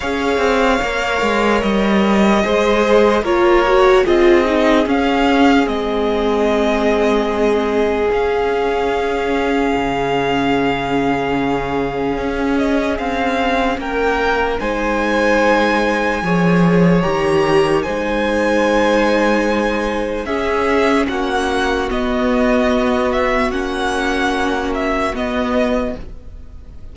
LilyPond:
<<
  \new Staff \with { instrumentName = "violin" } { \time 4/4 \tempo 4 = 74 f''2 dis''2 | cis''4 dis''4 f''4 dis''4~ | dis''2 f''2~ | f''2.~ f''8 dis''8 |
f''4 g''4 gis''2~ | gis''4 ais''4 gis''2~ | gis''4 e''4 fis''4 dis''4~ | dis''8 e''8 fis''4. e''8 dis''4 | }
  \new Staff \with { instrumentName = "violin" } { \time 4/4 cis''2. c''4 | ais'4 gis'2.~ | gis'1~ | gis'1~ |
gis'4 ais'4 c''2 | cis''2 c''2~ | c''4 gis'4 fis'2~ | fis'1 | }
  \new Staff \with { instrumentName = "viola" } { \time 4/4 gis'4 ais'2 gis'4 | f'8 fis'8 f'8 dis'8 cis'4 c'4~ | c'2 cis'2~ | cis'1~ |
cis'2 dis'2 | gis'4 g'4 dis'2~ | dis'4 cis'2 b4~ | b4 cis'2 b4 | }
  \new Staff \with { instrumentName = "cello" } { \time 4/4 cis'8 c'8 ais8 gis8 g4 gis4 | ais4 c'4 cis'4 gis4~ | gis2 cis'2 | cis2. cis'4 |
c'4 ais4 gis2 | f4 dis4 gis2~ | gis4 cis'4 ais4 b4~ | b4 ais2 b4 | }
>>